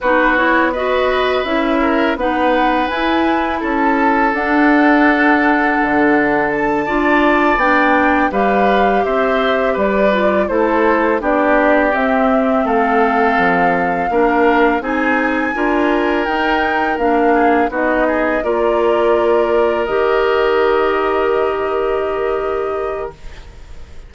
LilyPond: <<
  \new Staff \with { instrumentName = "flute" } { \time 4/4 \tempo 4 = 83 b'8 cis''8 dis''4 e''4 fis''4 | gis''4 a''4 fis''2~ | fis''4 a''4. g''4 f''8~ | f''8 e''4 d''4 c''4 d''8~ |
d''8 e''4 f''2~ f''8~ | f''8 gis''2 g''4 f''8~ | f''8 dis''4 d''2 dis''8~ | dis''1 | }
  \new Staff \with { instrumentName = "oboe" } { \time 4/4 fis'4 b'4. ais'8 b'4~ | b'4 a'2.~ | a'4. d''2 b'8~ | b'8 c''4 b'4 a'4 g'8~ |
g'4. a'2 ais'8~ | ais'8 gis'4 ais'2~ ais'8 | gis'8 fis'8 gis'8 ais'2~ ais'8~ | ais'1 | }
  \new Staff \with { instrumentName = "clarinet" } { \time 4/4 dis'8 e'8 fis'4 e'4 dis'4 | e'2 d'2~ | d'4. f'4 d'4 g'8~ | g'2 f'8 e'4 d'8~ |
d'8 c'2. d'8~ | d'8 dis'4 f'4 dis'4 d'8~ | d'8 dis'4 f'2 g'8~ | g'1 | }
  \new Staff \with { instrumentName = "bassoon" } { \time 4/4 b2 cis'4 b4 | e'4 cis'4 d'2 | d4. d'4 b4 g8~ | g8 c'4 g4 a4 b8~ |
b8 c'4 a4 f4 ais8~ | ais8 c'4 d'4 dis'4 ais8~ | ais8 b4 ais2 dis8~ | dis1 | }
>>